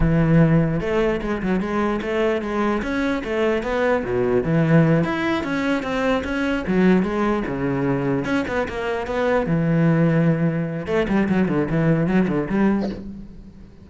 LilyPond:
\new Staff \with { instrumentName = "cello" } { \time 4/4 \tempo 4 = 149 e2 a4 gis8 fis8 | gis4 a4 gis4 cis'4 | a4 b4 b,4 e4~ | e8 e'4 cis'4 c'4 cis'8~ |
cis'8 fis4 gis4 cis4.~ | cis8 cis'8 b8 ais4 b4 e8~ | e2. a8 g8 | fis8 d8 e4 fis8 d8 g4 | }